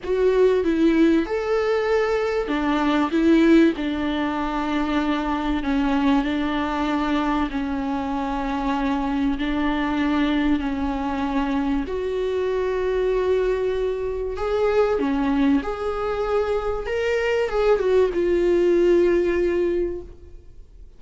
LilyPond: \new Staff \with { instrumentName = "viola" } { \time 4/4 \tempo 4 = 96 fis'4 e'4 a'2 | d'4 e'4 d'2~ | d'4 cis'4 d'2 | cis'2. d'4~ |
d'4 cis'2 fis'4~ | fis'2. gis'4 | cis'4 gis'2 ais'4 | gis'8 fis'8 f'2. | }